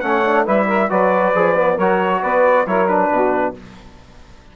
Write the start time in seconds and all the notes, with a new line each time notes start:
0.00 A3 C#4 C#5 F#5
0.24 D4
0.44 G3 E4 B4 E5
0.67 A#4
0.90 F#3 F#4 B4 D5
1.34 F3 G#4
1.56 B3
1.74 F#3 A#4 C#5
1.81 F#4
2.21 B3 B4 D5
2.66 F#3 E4 A#4 C#5
2.88 D4 B4
3.11 B2 F#4